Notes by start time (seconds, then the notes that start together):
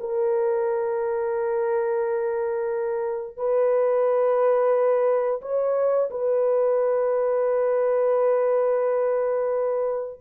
0.00 A#4
3.37 B4
5.42 C#5
6.11 B4